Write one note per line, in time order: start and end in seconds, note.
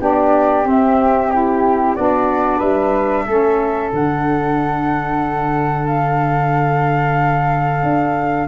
0.00 0.65 B3
0.00 0.64 D4
0.00 1.96 G4
0.00 0.68 D5
0.64 1.29 C4
0.64 1.95 C4
0.64 1.30 E5
1.30 1.96 E4
1.30 1.95 G4
1.95 2.62 B3
1.95 3.27 D4
1.95 2.58 F#4
1.95 2.60 D5
2.58 3.26 G3
2.58 3.23 B4
2.58 3.90 E5
3.26 3.91 A3
3.26 3.93 C#4
3.26 8.47 A4
3.93 7.82 D3
3.93 8.47 D4
3.93 5.87 F#5
5.87 8.47 F5
7.82 8.47 D4